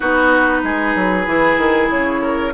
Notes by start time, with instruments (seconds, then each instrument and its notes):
0.00 bassoon B3, clarinet D#4, oboe F#4, flute B4
0.63 bassoon G#3, oboe G#4
0.95 bassoon F#3
1.26 bassoon E3, clarinet E4
1.57 bassoon D#3
1.89 bassoon C#3, flute C#5
2.21 oboe A#4